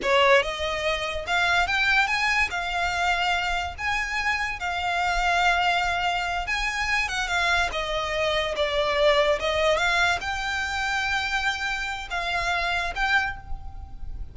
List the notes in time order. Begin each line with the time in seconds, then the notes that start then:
0.02 C#5
0.42 D#5
1.26 F5
1.67 G5
2.07 G#5
2.50 F5
3.78 G#5
4.59 F5
6.46 G#5
7.08 F#5
7.27 F5
7.72 D#5
8.56 D5
9.39 D#5
9.77 F5
10.21 G5
12.10 F5
12.95 G5